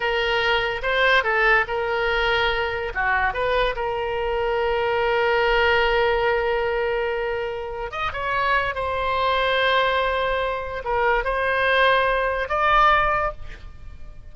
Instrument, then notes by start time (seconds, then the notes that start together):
oboe
0.00 A#4
0.82 C5
1.23 A4
1.67 A#4
2.94 F#4
3.33 B4
3.75 A#4
7.91 D#5
8.12 C#5
8.74 C5
10.84 A#4
11.24 C5
12.48 D5